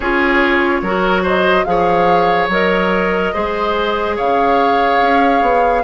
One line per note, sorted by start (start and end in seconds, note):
0.00 0.82 C#4
0.00 0.85 F4
0.00 0.81 G#4
0.00 1.24 C#5
0.82 1.65 F#3
0.82 1.65 F#4
0.82 1.22 A#4
1.22 1.64 C5
1.22 1.64 D#5
1.64 2.48 F3
1.64 2.49 G#4
1.64 3.33 C#5
1.64 2.47 F5
2.48 3.31 F#3
2.48 3.34 A#4
2.48 4.17 D#5
3.33 4.18 G#3
3.33 5.83 G#4
3.33 4.16 C5
4.16 5.01 C#3
4.16 5.82 C#5
4.16 5.83 F5
5.01 5.41 C#4
5.41 5.83 B3